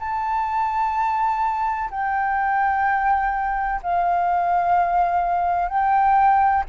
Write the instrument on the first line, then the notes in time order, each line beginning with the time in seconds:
flute
0.00 A5
1.91 G5
3.83 F5
5.69 G5